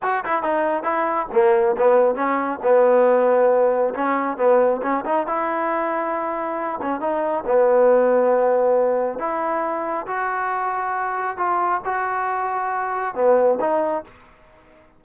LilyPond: \new Staff \with { instrumentName = "trombone" } { \time 4/4 \tempo 4 = 137 fis'8 e'8 dis'4 e'4 ais4 | b4 cis'4 b2~ | b4 cis'4 b4 cis'8 dis'8 | e'2.~ e'8 cis'8 |
dis'4 b2.~ | b4 e'2 fis'4~ | fis'2 f'4 fis'4~ | fis'2 b4 dis'4 | }